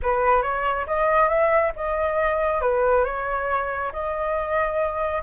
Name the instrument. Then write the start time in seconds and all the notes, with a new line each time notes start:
flute
0.02 B4
0.42 C#5
0.87 D#5
1.28 E5
1.75 D#5
2.61 B4
3.04 C#5
3.92 D#5